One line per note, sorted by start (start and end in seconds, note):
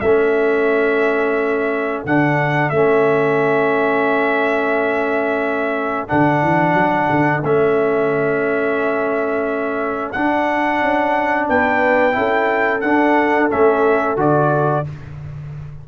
0.00 2.03 A3
0.00 2.06 C#4
0.00 11.49 A4
0.00 2.02 E5
2.05 2.70 D3
2.05 2.73 D4
2.05 2.69 F#5
2.69 6.07 A3
2.69 6.08 C#4
2.69 6.06 E5
6.08 6.42 D3
6.08 7.43 D4
6.08 7.43 F#5
6.42 6.74 E3
6.74 7.08 F#3
7.10 7.43 D3
7.43 10.13 A3
7.43 10.14 C#4
7.43 10.12 E5
10.12 12.12 D4
10.12 10.81 D4
10.12 11.46 F#5
10.81 11.48 C#4
11.48 12.16 B3
11.48 12.16 B4
11.48 12.81 G5
12.12 12.82 C#4
12.12 12.79 E4
12.18 14.87 A4
12.81 13.50 D4
12.81 13.49 D4
12.81 13.48 F#5
13.49 14.17 A3
13.49 14.16 C#4
13.49 14.18 E5
14.16 14.84 D3
14.16 14.84 F#4
14.16 14.87 D5